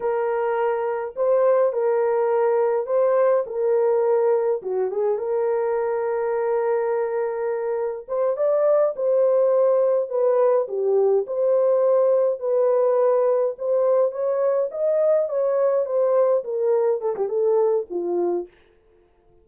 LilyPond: \new Staff \with { instrumentName = "horn" } { \time 4/4 \tempo 4 = 104 ais'2 c''4 ais'4~ | ais'4 c''4 ais'2 | fis'8 gis'8 ais'2.~ | ais'2 c''8 d''4 c''8~ |
c''4. b'4 g'4 c''8~ | c''4. b'2 c''8~ | c''8 cis''4 dis''4 cis''4 c''8~ | c''8 ais'4 a'16 g'16 a'4 f'4 | }